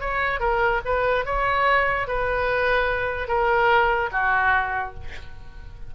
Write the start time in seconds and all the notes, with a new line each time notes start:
0.00 C#5
0.40 A#4
0.84 B4
1.25 C#5
2.07 B4
3.27 A#4
4.11 F#4